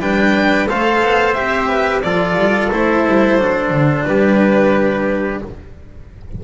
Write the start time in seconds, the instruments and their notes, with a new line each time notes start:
0.00 double bass G3, cello D4, trumpet B4, violin G5
0.69 double bass A3, cello A4, trumpet C5, violin F5
1.02 double bass B3
1.34 double bass C4, cello G4, violin E5
1.68 trumpet B4
2.02 double bass F3, cello F4, trumpet A4, violin D5
2.36 double bass G3
2.71 double bass A3, cello E4, violin C5
3.07 double bass G3
3.38 double bass F#3, cello D4
3.71 double bass D3
4.06 double bass G3, trumpet G4, violin B4